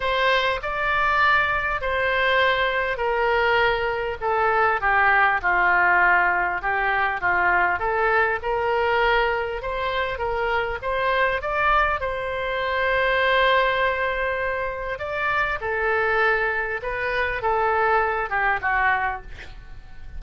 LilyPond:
\new Staff \with { instrumentName = "oboe" } { \time 4/4 \tempo 4 = 100 c''4 d''2 c''4~ | c''4 ais'2 a'4 | g'4 f'2 g'4 | f'4 a'4 ais'2 |
c''4 ais'4 c''4 d''4 | c''1~ | c''4 d''4 a'2 | b'4 a'4. g'8 fis'4 | }